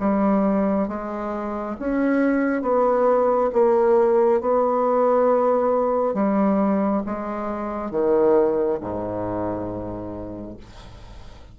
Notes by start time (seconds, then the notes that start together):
0.00 G3
0.89 G#3
1.80 C#4
2.62 B3
3.53 A#3
4.41 B3
6.15 G3
7.06 G#3
7.91 D#3
8.81 G#2